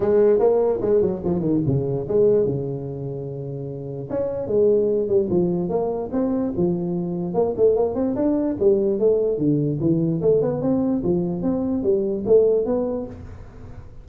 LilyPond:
\new Staff \with { instrumentName = "tuba" } { \time 4/4 \tempo 4 = 147 gis4 ais4 gis8 fis8 f8 dis8 | cis4 gis4 cis2~ | cis2 cis'4 gis4~ | gis8 g8 f4 ais4 c'4 |
f2 ais8 a8 ais8 c'8 | d'4 g4 a4 d4 | e4 a8 b8 c'4 f4 | c'4 g4 a4 b4 | }